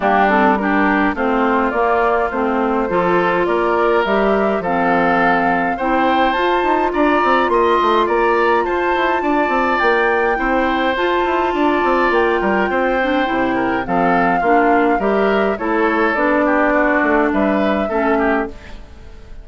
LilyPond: <<
  \new Staff \with { instrumentName = "flute" } { \time 4/4 \tempo 4 = 104 g'8 a'8 ais'4 c''4 d''4 | c''2 d''4 e''4 | f''2 g''4 a''4 | ais''4 c'''4 ais''4 a''4~ |
a''4 g''2 a''4~ | a''4 g''2. | f''2 e''4 cis''4 | d''2 e''2 | }
  \new Staff \with { instrumentName = "oboe" } { \time 4/4 d'4 g'4 f'2~ | f'4 a'4 ais'2 | a'2 c''2 | d''4 dis''4 d''4 c''4 |
d''2 c''2 | d''4. ais'8 c''4. ais'8 | a'4 f'4 ais'4 a'4~ | a'8 g'8 fis'4 b'4 a'8 g'8 | }
  \new Staff \with { instrumentName = "clarinet" } { \time 4/4 ais8 c'8 d'4 c'4 ais4 | c'4 f'2 g'4 | c'2 e'4 f'4~ | f'1~ |
f'2 e'4 f'4~ | f'2~ f'8 d'8 e'4 | c'4 d'4 g'4 e'4 | d'2. cis'4 | }
  \new Staff \with { instrumentName = "bassoon" } { \time 4/4 g2 a4 ais4 | a4 f4 ais4 g4 | f2 c'4 f'8 dis'8 | d'8 c'8 ais8 a8 ais4 f'8 e'8 |
d'8 c'8 ais4 c'4 f'8 e'8 | d'8 c'8 ais8 g8 c'4 c4 | f4 ais4 g4 a4 | b4. a8 g4 a4 | }
>>